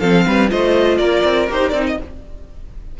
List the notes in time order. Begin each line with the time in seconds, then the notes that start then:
0.00 F3 C4 A4 F5
0.27 G3 B4
0.49 A3 F4 C5 D#5
0.98 A#3 A#4 D5
1.25 C4
1.49 D#4 G4 C5
1.70 C4 D#4 D5
1.87 D#5